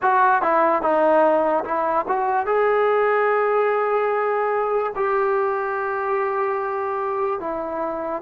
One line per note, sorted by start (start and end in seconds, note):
0.02 0.41 F#4
0.41 0.81 E4
0.81 1.64 D#4
1.64 2.05 E4
2.08 2.46 F#4
2.46 4.92 G#4
4.95 7.40 G4
7.40 8.22 E4